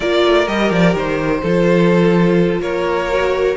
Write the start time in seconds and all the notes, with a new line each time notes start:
0.00 A#3 F4 A#4 D5
0.24 A3
0.46 G3 G4 D#5
0.71 F3 D5
0.94 D#3 C5
1.42 F3 F4 A4
2.60 A#3 A#4 C#5
3.10 F#4